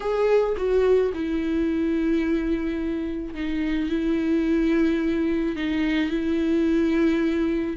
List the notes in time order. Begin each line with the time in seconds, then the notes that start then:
0.00 G#4
0.57 F#4
1.14 E4
3.34 D#4
3.89 E4
5.56 D#4
6.10 E4